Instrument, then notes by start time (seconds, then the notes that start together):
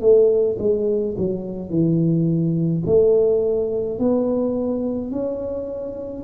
tuba
0.00 A3
0.59 G#3
1.17 F#3
1.69 E3
2.86 A3
3.98 B3
5.11 C#4